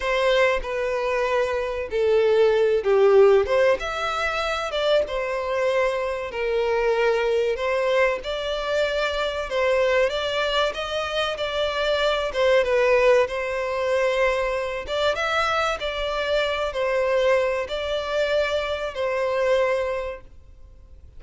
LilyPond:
\new Staff \with { instrumentName = "violin" } { \time 4/4 \tempo 4 = 95 c''4 b'2 a'4~ | a'8 g'4 c''8 e''4. d''8 | c''2 ais'2 | c''4 d''2 c''4 |
d''4 dis''4 d''4. c''8 | b'4 c''2~ c''8 d''8 | e''4 d''4. c''4. | d''2 c''2 | }